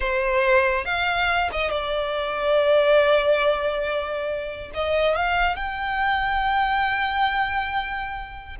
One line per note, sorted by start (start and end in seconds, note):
0.00 0.85 C5
0.85 1.49 F5
1.52 1.70 D#5
1.70 4.70 D5
4.74 5.15 D#5
5.15 5.55 F5
5.55 8.55 G5